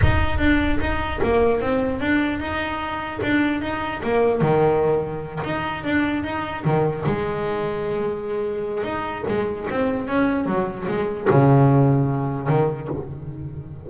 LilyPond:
\new Staff \with { instrumentName = "double bass" } { \time 4/4 \tempo 4 = 149 dis'4 d'4 dis'4 ais4 | c'4 d'4 dis'2 | d'4 dis'4 ais4 dis4~ | dis4. dis'4 d'4 dis'8~ |
dis'8 dis4 gis2~ gis8~ | gis2 dis'4 gis4 | c'4 cis'4 fis4 gis4 | cis2. dis4 | }